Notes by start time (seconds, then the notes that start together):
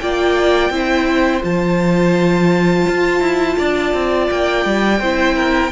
0.00 A#3 F4 D5 G5
0.70 C4 E4 C5
1.41 F3 F4 A5
2.88 F4
3.21 E4
3.58 D4 D5
3.94 C4
4.30 A#3 G5
4.66 G3
4.99 C4 E4 C5
5.36 A#4